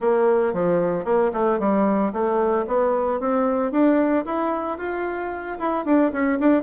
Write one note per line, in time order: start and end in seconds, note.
0.00 0.53 A#3
0.53 1.04 F3
1.04 1.31 A#3
1.33 1.59 A3
1.59 2.12 G3
2.12 2.65 A3
2.67 3.20 B3
3.20 3.71 C4
3.71 4.24 D4
4.25 4.78 E4
4.78 5.58 F4
5.58 5.85 E4
5.85 6.11 D4
6.12 6.38 C#4
6.39 6.62 D4